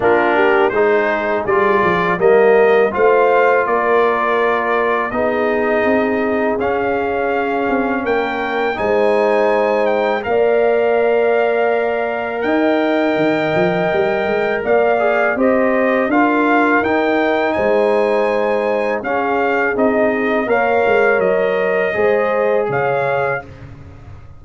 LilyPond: <<
  \new Staff \with { instrumentName = "trumpet" } { \time 4/4 \tempo 4 = 82 ais'4 c''4 d''4 dis''4 | f''4 d''2 dis''4~ | dis''4 f''2 g''4 | gis''4. g''8 f''2~ |
f''4 g''2. | f''4 dis''4 f''4 g''4 | gis''2 f''4 dis''4 | f''4 dis''2 f''4 | }
  \new Staff \with { instrumentName = "horn" } { \time 4/4 f'8 g'8 gis'2 ais'4 | c''4 ais'2 gis'4~ | gis'2. ais'4 | c''2 d''2~ |
d''4 dis''2. | d''4 c''4 ais'2 | c''2 gis'2 | cis''2 c''4 cis''4 | }
  \new Staff \with { instrumentName = "trombone" } { \time 4/4 d'4 dis'4 f'4 ais4 | f'2. dis'4~ | dis'4 cis'2. | dis'2 ais'2~ |
ais'1~ | ais'8 gis'8 g'4 f'4 dis'4~ | dis'2 cis'4 dis'4 | ais'2 gis'2 | }
  \new Staff \with { instrumentName = "tuba" } { \time 4/4 ais4 gis4 g8 f8 g4 | a4 ais2 b4 | c'4 cis'4. c'8 ais4 | gis2 ais2~ |
ais4 dis'4 dis8 f8 g8 gis8 | ais4 c'4 d'4 dis'4 | gis2 cis'4 c'4 | ais8 gis8 fis4 gis4 cis4 | }
>>